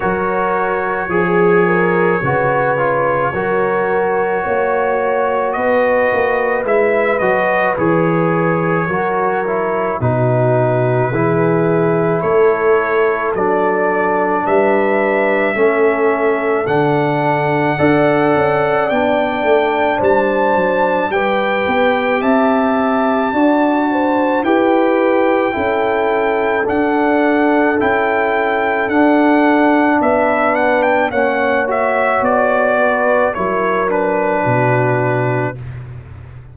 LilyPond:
<<
  \new Staff \with { instrumentName = "trumpet" } { \time 4/4 \tempo 4 = 54 cis''1~ | cis''4 dis''4 e''8 dis''8 cis''4~ | cis''4 b'2 cis''4 | d''4 e''2 fis''4~ |
fis''4 g''4 a''4 g''4 | a''2 g''2 | fis''4 g''4 fis''4 e''8 fis''16 g''16 | fis''8 e''8 d''4 cis''8 b'4. | }
  \new Staff \with { instrumentName = "horn" } { \time 4/4 ais'4 gis'8 ais'8 b'4 ais'4 | cis''4 b'2. | ais'4 fis'4 gis'4 a'4~ | a'4 b'4 a'2 |
d''2 c''4 b'4 | e''4 d''8 c''8 b'4 a'4~ | a'2. b'4 | cis''4. b'8 ais'4 fis'4 | }
  \new Staff \with { instrumentName = "trombone" } { \time 4/4 fis'4 gis'4 fis'8 f'8 fis'4~ | fis'2 e'8 fis'8 gis'4 | fis'8 e'8 dis'4 e'2 | d'2 cis'4 d'4 |
a'4 d'2 g'4~ | g'4 fis'4 g'4 e'4 | d'4 e'4 d'2 | cis'8 fis'4. e'8 d'4. | }
  \new Staff \with { instrumentName = "tuba" } { \time 4/4 fis4 f4 cis4 fis4 | ais4 b8 ais8 gis8 fis8 e4 | fis4 b,4 e4 a4 | fis4 g4 a4 d4 |
d'8 cis'8 b8 a8 g8 fis8 g8 b8 | c'4 d'4 e'4 cis'4 | d'4 cis'4 d'4 b4 | ais4 b4 fis4 b,4 | }
>>